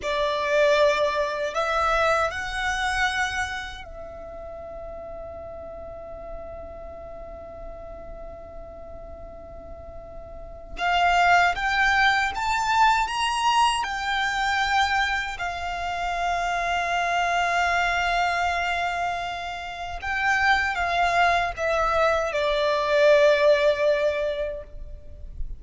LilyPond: \new Staff \with { instrumentName = "violin" } { \time 4/4 \tempo 4 = 78 d''2 e''4 fis''4~ | fis''4 e''2.~ | e''1~ | e''2 f''4 g''4 |
a''4 ais''4 g''2 | f''1~ | f''2 g''4 f''4 | e''4 d''2. | }